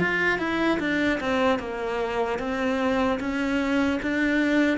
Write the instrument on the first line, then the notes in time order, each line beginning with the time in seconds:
cello
0.00 F4
0.39 E4
0.80 D4
1.21 C4
1.59 A#3
2.39 C4
3.20 C#4
4.03 D4